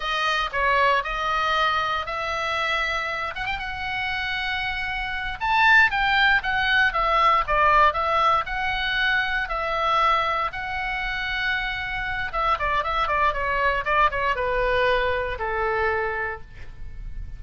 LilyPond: \new Staff \with { instrumentName = "oboe" } { \time 4/4 \tempo 4 = 117 dis''4 cis''4 dis''2 | e''2~ e''8 fis''16 g''16 fis''4~ | fis''2~ fis''8 a''4 g''8~ | g''8 fis''4 e''4 d''4 e''8~ |
e''8 fis''2 e''4.~ | e''8 fis''2.~ fis''8 | e''8 d''8 e''8 d''8 cis''4 d''8 cis''8 | b'2 a'2 | }